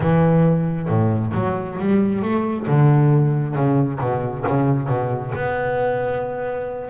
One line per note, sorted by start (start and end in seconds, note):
0.00 0.88 E3
0.88 1.32 A2
1.34 1.78 F#3
1.79 2.21 G3
2.21 2.66 A3
2.67 3.55 D3
3.55 3.99 C#3
4.00 4.44 B2
4.47 4.88 C#3
4.88 5.32 B2
5.34 6.89 B3